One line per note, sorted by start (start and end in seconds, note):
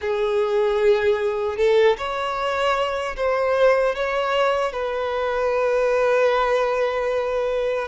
0.01 1.57 G#4
1.57 1.96 A4
1.97 3.16 C#5
3.16 3.95 C5
3.95 4.72 C#5
4.72 7.88 B4